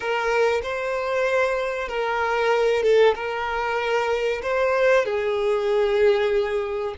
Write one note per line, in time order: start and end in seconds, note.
0.00 0.61 A#4
0.62 1.88 C5
1.88 2.82 A#4
2.82 3.14 A4
3.15 4.41 A#4
4.42 5.05 C5
5.05 6.94 G#4